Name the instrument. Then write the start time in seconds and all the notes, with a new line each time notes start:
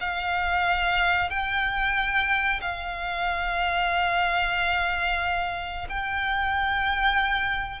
violin
0.00 F5
1.30 G5
2.61 F5
5.89 G5